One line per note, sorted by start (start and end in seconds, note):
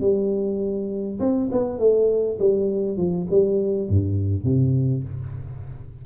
0.00 1.19 G3
1.19 1.49 C4
1.51 1.78 B3
1.78 2.38 A3
2.39 2.97 G3
2.97 3.26 F3
3.30 3.89 G3
3.89 4.44 G2
4.44 5.03 C3